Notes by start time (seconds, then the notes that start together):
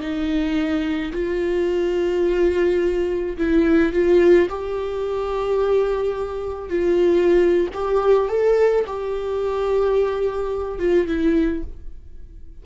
0.00 D#4
1.12 F4
3.37 E4
3.92 F4
4.49 G4
6.69 F4
7.74 G4
8.29 A4
8.86 G4
10.79 F4
11.07 E4